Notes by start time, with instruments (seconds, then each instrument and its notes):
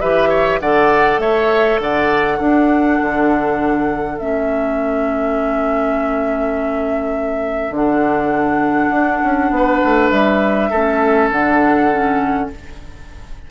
0.00 bassoon E3, clarinet G4, oboe B4, flute E5
0.29 oboe C#5
0.60 bassoon D3, clarinet A4, oboe D5, flute F#5
1.18 bassoon A3, oboe C#5, flute E5
1.80 bassoon D3, oboe D5, flute F#5
2.38 clarinet D4, bassoon D4, oboe A4
3.01 bassoon D3
4.18 bassoon A3, clarinet C#4, flute E5
7.70 bassoon D3, clarinet D4, flute F#5
8.90 bassoon D4
9.23 bassoon C#4
9.50 bassoon B3, oboe B4
9.84 bassoon A3
10.09 bassoon G3, flute E5
10.70 bassoon A3, clarinet C#4, oboe A4
11.31 bassoon D3, clarinet D4, flute F#5
11.91 clarinet C#4